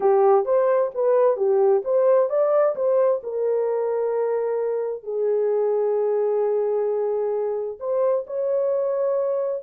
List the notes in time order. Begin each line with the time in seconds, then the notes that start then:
0.00 G4
0.45 C5
0.94 B4
1.36 G4
1.84 C5
2.29 D5
2.75 C5
3.23 A#4
5.03 G#4
7.79 C5
8.27 C#5